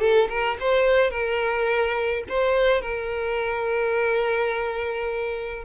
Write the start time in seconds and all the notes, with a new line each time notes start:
0.00 A4
0.29 A#4
0.60 C5
1.11 A#4
2.29 C5
2.81 A#4